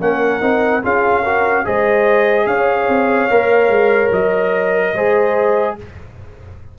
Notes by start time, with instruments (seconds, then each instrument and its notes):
0.00 tuba A#3, trombone C#4, horn A#4, trumpet F#5
0.41 tuba C4, trombone D#4
0.83 tuba C#4, trombone F4, horn G#4, trumpet F5
1.23 trombone F#4, horn A#4
1.65 tuba G#3, trombone G#4, horn C5, trumpet D#5
2.47 tuba C#4, horn C#5, trumpet F5
2.88 tuba C4
3.30 tuba A#3, trombone A#4
3.69 tuba G#3
4.11 tuba F#3, trumpet D#5
4.94 tuba G#3, trombone G#4, horn C5